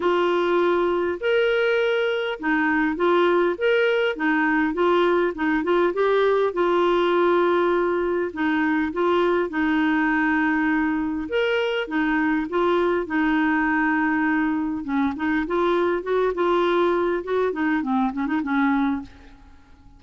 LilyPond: \new Staff \with { instrumentName = "clarinet" } { \time 4/4 \tempo 4 = 101 f'2 ais'2 | dis'4 f'4 ais'4 dis'4 | f'4 dis'8 f'8 g'4 f'4~ | f'2 dis'4 f'4 |
dis'2. ais'4 | dis'4 f'4 dis'2~ | dis'4 cis'8 dis'8 f'4 fis'8 f'8~ | f'4 fis'8 dis'8 c'8 cis'16 dis'16 cis'4 | }